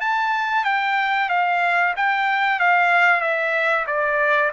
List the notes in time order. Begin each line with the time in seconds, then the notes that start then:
0.00 A5
0.64 G5
1.29 F5
1.96 G5
2.59 F5
3.21 E5
3.87 D5